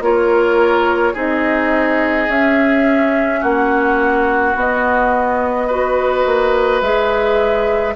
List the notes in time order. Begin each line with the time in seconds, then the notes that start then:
0.00 A#3 F4 A#4 C#5
1.13 C4 D#4 G#4 D#5
2.28 C#4 E5
3.41 A#3 F#4 F#5
4.55 B3 D#5
5.67 F#4 B4
6.26 A#3
6.81 G#3 G#4 E5